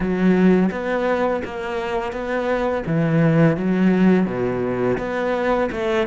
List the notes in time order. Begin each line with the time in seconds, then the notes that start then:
0.00 F#3
0.71 B3
1.44 A#3
2.12 B3
2.86 E3
3.56 F#3
4.26 B2
4.98 B3
5.71 A3